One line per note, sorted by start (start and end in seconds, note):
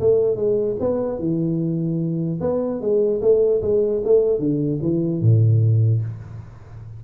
0.00 0.36 A3
0.36 0.76 G#3
0.79 1.19 B3
1.19 2.40 E3
2.41 2.81 B3
2.81 3.21 G#3
3.21 3.61 A3
3.62 4.02 G#3
4.05 4.39 A3
4.39 4.79 D3
4.82 5.21 E3
5.21 6.02 A2